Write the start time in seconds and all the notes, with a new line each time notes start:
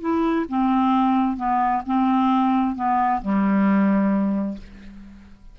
0.00 E4
0.49 C4
1.36 B3
1.86 C4
2.75 B3
3.21 G3